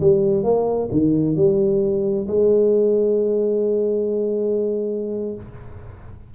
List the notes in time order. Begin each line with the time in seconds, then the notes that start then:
0.00 G3
0.43 A#3
0.91 D#3
1.36 G3
2.27 G#3